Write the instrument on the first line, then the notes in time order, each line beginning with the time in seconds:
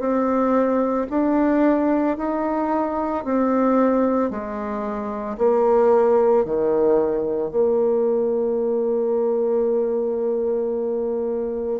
bassoon
0.00 C4
1.10 D4
2.17 D#4
3.25 C4
4.31 G#3
5.38 A#3
6.45 D#3
7.51 A#3